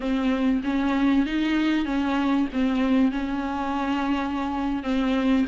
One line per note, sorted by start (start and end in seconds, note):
0.00 0.62 C4
0.63 1.26 C#4
1.26 1.85 D#4
1.85 2.47 C#4
2.52 3.11 C4
3.11 4.83 C#4
4.83 5.45 C4